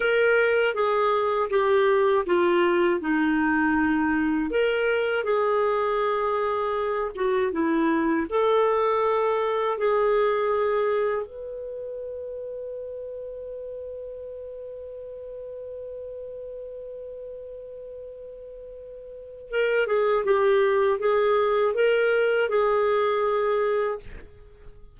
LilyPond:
\new Staff \with { instrumentName = "clarinet" } { \time 4/4 \tempo 4 = 80 ais'4 gis'4 g'4 f'4 | dis'2 ais'4 gis'4~ | gis'4. fis'8 e'4 a'4~ | a'4 gis'2 b'4~ |
b'1~ | b'1~ | b'2 ais'8 gis'8 g'4 | gis'4 ais'4 gis'2 | }